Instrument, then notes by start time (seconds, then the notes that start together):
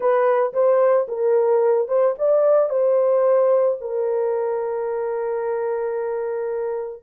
horn
0.00 B4
0.53 C5
1.08 A#4
1.87 C5
2.18 D5
2.69 C5
3.81 A#4